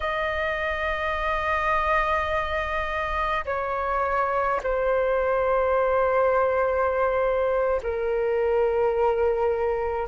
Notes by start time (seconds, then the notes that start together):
0.00 D#5
3.45 C#5
4.63 C5
7.83 A#4